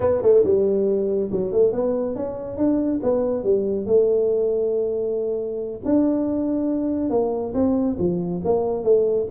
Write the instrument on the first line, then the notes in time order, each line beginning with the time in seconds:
tuba
0.00 B3
0.22 A3
0.43 G3
1.31 F#3
1.52 A3
1.72 B3
2.15 C#4
2.57 D4
3.02 B3
3.43 G3
3.86 A3
5.84 D4
7.10 A#3
7.54 C4
7.99 F3
8.44 A#3
8.83 A3